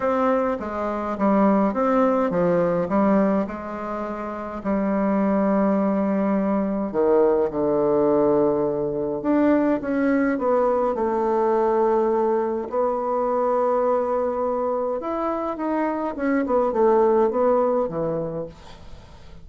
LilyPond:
\new Staff \with { instrumentName = "bassoon" } { \time 4/4 \tempo 4 = 104 c'4 gis4 g4 c'4 | f4 g4 gis2 | g1 | dis4 d2. |
d'4 cis'4 b4 a4~ | a2 b2~ | b2 e'4 dis'4 | cis'8 b8 a4 b4 e4 | }